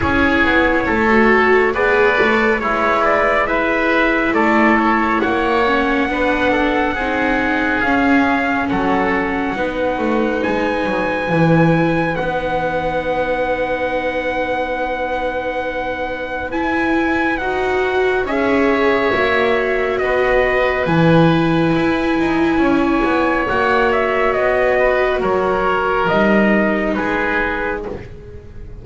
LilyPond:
<<
  \new Staff \with { instrumentName = "trumpet" } { \time 4/4 \tempo 4 = 69 cis''2 d''4 cis''8 d''8 | e''4 d''8 cis''8 fis''2~ | fis''4 f''4 fis''2 | gis''2 fis''2~ |
fis''2. gis''4 | fis''4 e''2 dis''4 | gis''2. fis''8 e''8 | dis''4 cis''4 dis''4 b'4 | }
  \new Staff \with { instrumentName = "oboe" } { \time 4/4 gis'4 a'4 b'4 e'4 | b'4 a'4 cis''4 b'8 a'8 | gis'2 a'4 b'4~ | b'1~ |
b'1~ | b'4 cis''2 b'4~ | b'2 cis''2~ | cis''8 b'8 ais'2 gis'4 | }
  \new Staff \with { instrumentName = "viola" } { \time 4/4 e'4~ e'16 fis'8. gis'8 a'8 b'4 | e'2~ e'8 cis'8 d'4 | dis'4 cis'2 dis'4~ | dis'4 e'4 dis'2~ |
dis'2. e'4 | fis'4 gis'4 fis'2 | e'2. fis'4~ | fis'2 dis'2 | }
  \new Staff \with { instrumentName = "double bass" } { \time 4/4 cis'8 b8 a4 b8 a8 gis4~ | gis4 a4 ais4 b4 | c'4 cis'4 fis4 b8 a8 | gis8 fis8 e4 b2~ |
b2. e'4 | dis'4 cis'4 ais4 b4 | e4 e'8 dis'8 cis'8 b8 ais4 | b4 fis4 g4 gis4 | }
>>